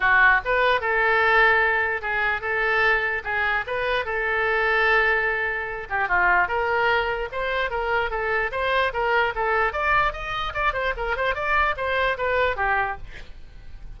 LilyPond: \new Staff \with { instrumentName = "oboe" } { \time 4/4 \tempo 4 = 148 fis'4 b'4 a'2~ | a'4 gis'4 a'2 | gis'4 b'4 a'2~ | a'2~ a'8 g'8 f'4 |
ais'2 c''4 ais'4 | a'4 c''4 ais'4 a'4 | d''4 dis''4 d''8 c''8 ais'8 c''8 | d''4 c''4 b'4 g'4 | }